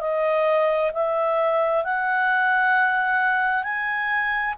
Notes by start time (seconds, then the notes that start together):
0.00 D#5
0.93 E5
1.84 F#5
3.63 G#5